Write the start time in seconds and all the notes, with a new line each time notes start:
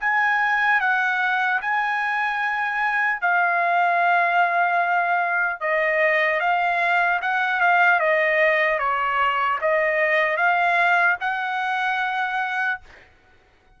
0.00 G#5
0.80 F#5
1.61 G#5
3.21 F5
5.60 D#5
6.40 F5
7.21 F#5
7.60 F5
7.99 D#5
8.78 C#5
9.61 D#5
10.36 F5
11.20 F#5